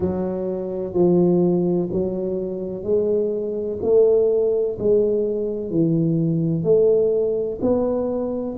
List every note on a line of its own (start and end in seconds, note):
0.00 0.93 F#3
0.93 1.88 F3
1.91 2.83 F#3
2.83 3.78 G#3
3.82 4.77 A3
4.79 5.70 G#3
5.70 6.63 E3
6.63 7.58 A3
7.61 8.56 B3